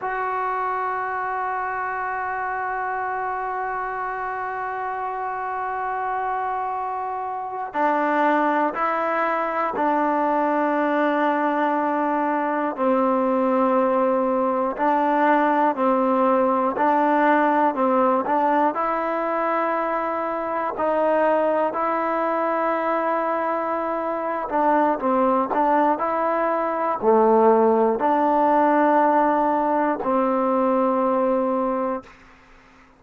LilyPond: \new Staff \with { instrumentName = "trombone" } { \time 4/4 \tempo 4 = 60 fis'1~ | fis'2.~ fis'8. d'16~ | d'8. e'4 d'2~ d'16~ | d'8. c'2 d'4 c'16~ |
c'8. d'4 c'8 d'8 e'4~ e'16~ | e'8. dis'4 e'2~ e'16~ | e'8 d'8 c'8 d'8 e'4 a4 | d'2 c'2 | }